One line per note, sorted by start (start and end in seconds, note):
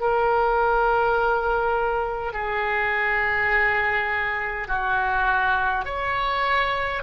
0.00 2.33 A#4
2.33 4.67 G#4
4.67 5.84 F#4
5.84 7.02 C#5